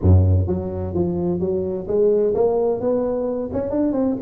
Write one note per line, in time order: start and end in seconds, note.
0.01 0.47 F#2
0.47 0.93 F#3
0.93 1.40 F3
1.40 1.86 F#3
1.87 2.34 G#3
2.34 2.80 A#3
2.80 3.50 B3
3.52 3.70 C#4
3.70 3.92 D4
3.92 4.15 C4